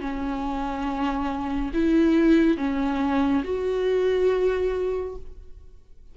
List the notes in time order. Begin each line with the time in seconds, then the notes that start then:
0.00 C#4
1.73 E4
2.57 C#4
3.44 F#4